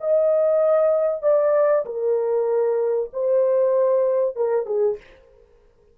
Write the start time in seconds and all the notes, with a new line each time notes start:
0.00 D#5
1.22 D5
1.85 A#4
3.13 C5
4.36 A#4
4.66 G#4